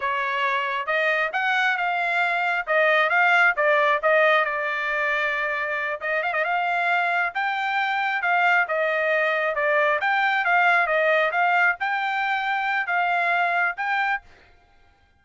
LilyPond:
\new Staff \with { instrumentName = "trumpet" } { \time 4/4 \tempo 4 = 135 cis''2 dis''4 fis''4 | f''2 dis''4 f''4 | d''4 dis''4 d''2~ | d''4. dis''8 f''16 dis''16 f''4.~ |
f''8 g''2 f''4 dis''8~ | dis''4. d''4 g''4 f''8~ | f''8 dis''4 f''4 g''4.~ | g''4 f''2 g''4 | }